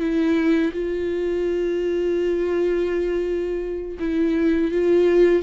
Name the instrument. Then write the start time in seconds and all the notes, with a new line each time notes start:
viola
0.00 E4
0.73 F4
4.00 E4
4.72 F4